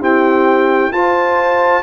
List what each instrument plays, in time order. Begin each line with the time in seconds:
0.00 trombone C4, tuba E4, horn G4, trumpet G5
0.92 trombone F4, tuba F4, horn C5, trumpet A5